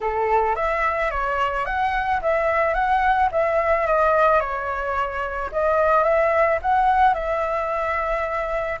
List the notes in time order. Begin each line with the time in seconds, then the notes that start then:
0.00 A4
0.55 E5
1.11 C#5
1.65 F#5
2.21 E5
2.74 F#5
3.31 E5
3.86 D#5
4.40 C#5
5.52 D#5
6.03 E5
6.62 F#5
7.14 E5